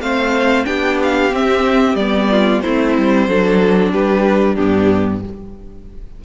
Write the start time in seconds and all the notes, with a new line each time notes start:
0.00 A3 C4 C5 F5
0.64 B3 D4 G4 G5
1.03 F5
1.32 C4 E5
1.94 G3 B3 D5
2.31 F4
2.60 A3 C4 E4 C5
2.97 G3
3.27 F#3 D4 A4
3.92 G3 G4 B4
4.54 G2 B3 D4 G4